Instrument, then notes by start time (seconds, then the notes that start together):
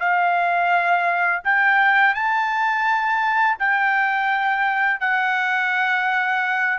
trumpet
0.00 F5
1.44 G5
2.15 A5
3.59 G5
5.00 F#5